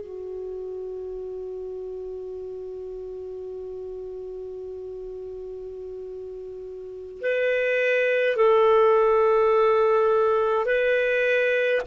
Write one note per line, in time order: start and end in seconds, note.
0.00 7.21 F#4
7.21 8.36 B4
8.36 10.65 A4
10.65 11.81 B4